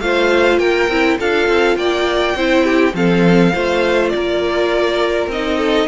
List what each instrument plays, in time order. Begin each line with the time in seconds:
0.00 cello A3, viola F4, violin C5 F5
0.58 cello A#3, violin A#4 G5
0.88 cello C4, viola E4
1.19 cello D4, viola F4, violin A4 F5
1.48 cello C4
1.76 cello A#3, violin D5 G5
2.35 cello C4, viola E4, violin C5
2.64 violin G4
2.93 cello F3, viola C4, violin A4 F5
3.54 cello A3, viola F4, violin C5
4.09 cello A#3, violin D5
4.16 violin A#4
5.27 cello C4, viola D#4, violin D#5
5.58 violin A4